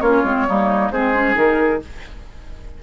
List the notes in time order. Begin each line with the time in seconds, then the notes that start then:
0.00 A#3 C#4 F4 C#5
0.24 G#3 C4
0.47 G3 A#3 D#4
0.91 G#3 C4 G#4 C5
1.14 C#4
1.34 D#3 D#4 A#4